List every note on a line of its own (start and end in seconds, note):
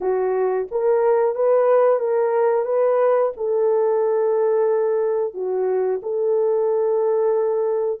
0.00 0.67 F#4
0.71 1.35 A#4
1.35 1.99 B4
1.99 2.65 A#4
2.65 3.32 B4
3.36 5.33 A4
5.33 6.00 F#4
6.02 8.00 A4